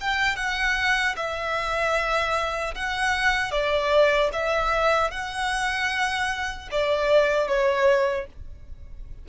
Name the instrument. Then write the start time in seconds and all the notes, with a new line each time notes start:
violin
0.00 G5
0.36 F#5
1.16 E5
2.75 F#5
3.51 D5
4.32 E5
5.11 F#5
6.71 D5
7.47 C#5